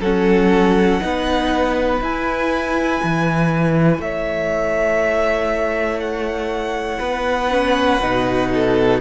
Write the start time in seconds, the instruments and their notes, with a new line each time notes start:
0.00 cello F#3, viola C#4, violin A4 F#5
1.01 cello B3, viola D#4, violin B4
2.00 viola E4, cello E4, violin G#5
3.03 cello E3
3.99 cello A3, violin C#5 E5
6.00 violin F#5
6.99 cello B3, violin B4
7.50 viola C#4
8.01 cello B2, viola D#4
8.54 violin A4